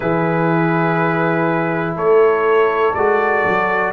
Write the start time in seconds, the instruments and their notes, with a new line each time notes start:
0.00 tuba E3, trombone E4, horn G#4, trumpet B4
1.95 tuba A3, horn A4, trumpet C#5
2.94 tuba G#3, trombone F#4, trumpet D5
3.44 tuba F#3